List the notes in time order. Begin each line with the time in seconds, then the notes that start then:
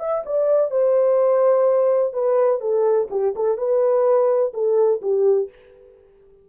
0.00 E5
0.26 D5
0.71 C5
2.14 B4
2.61 A4
3.11 G4
3.36 A4
3.58 B4
4.54 A4
5.02 G4